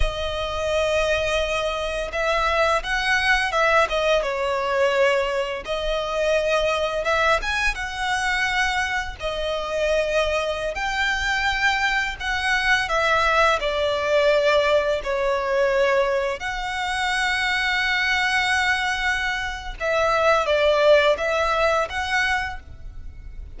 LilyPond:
\new Staff \with { instrumentName = "violin" } { \time 4/4 \tempo 4 = 85 dis''2. e''4 | fis''4 e''8 dis''8 cis''2 | dis''2 e''8 gis''8 fis''4~ | fis''4 dis''2~ dis''16 g''8.~ |
g''4~ g''16 fis''4 e''4 d''8.~ | d''4~ d''16 cis''2 fis''8.~ | fis''1 | e''4 d''4 e''4 fis''4 | }